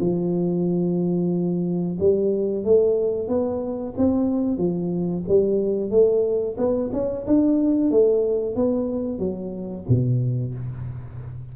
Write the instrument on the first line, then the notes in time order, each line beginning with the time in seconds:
tuba
0.00 F3
2.00 G3
2.64 A3
3.28 B3
3.97 C4
4.57 F3
5.28 G3
5.90 A3
6.57 B3
6.93 C#4
7.27 D4
7.90 A3
8.55 B3
9.19 F#3
9.88 B2